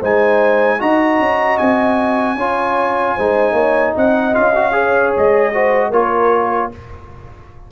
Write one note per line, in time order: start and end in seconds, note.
0.00 0.81 G#3
0.00 0.79 D#4
0.00 0.79 C5
0.00 0.81 G#5
0.79 1.19 D#4
0.79 2.37 F#4
0.79 2.36 D#5
0.79 1.58 A#5
1.19 1.58 C#4
1.58 2.36 C4
1.58 3.95 G#5
2.36 3.14 C#4
2.36 3.18 F4
2.36 3.15 C#5
3.15 3.52 G#3
3.15 4.33 D#4
3.15 3.54 C5
3.52 3.91 A#3
3.52 3.93 C#5
3.95 4.36 C4
3.95 4.74 D#5
3.95 4.34 F#5
4.33 5.16 C#4
4.33 4.53 F4
4.33 5.13 F5
4.55 4.72 F#4
4.72 5.51 G#4
4.72 5.53 C#5
5.17 5.92 G#3
5.17 5.92 D#5
5.53 5.92 F#4
5.53 5.89 C5
5.89 6.71 A#3
5.89 6.71 F4
5.89 6.68 A#4
5.89 6.71 C#5